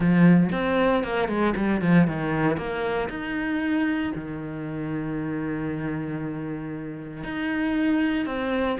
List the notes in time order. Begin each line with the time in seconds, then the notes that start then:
0.00 F3
0.52 C4
1.03 A#3
1.28 G#3
1.56 G3
1.81 F3
2.07 D#3
2.57 A#3
3.09 D#4
4.15 D#3
7.23 D#4
8.25 C4